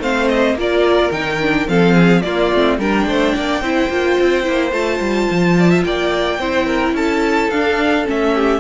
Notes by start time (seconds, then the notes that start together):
0.00 A3 C4 C5 F5
0.28 D#5
0.54 A#3 F4 A#4
0.61 D5
1.12 D#3 D#4 G5
1.41 D4
1.68 F3 C4 A4 F5
1.94 G#4
2.22 A#3 F4 D5
2.53 A3 C4
2.79 G3 D4 A#4 G5
3.07 A3 C5
3.35 A#3 D5
3.62 C4 E4 C5
3.90 A#3 F4
4.20 C4
4.44 A#3 E4
4.72 A3 F4 A5
5.00 G3
5.31 F3
5.59 D5
5.70 E5
5.85 A#3 D5 G5
6.39 C4 E4 C5
6.67 A#4
6.93 C#4 A4 A5
7.51 D4 F5
8.05 A3 C#4 E5
8.35 G4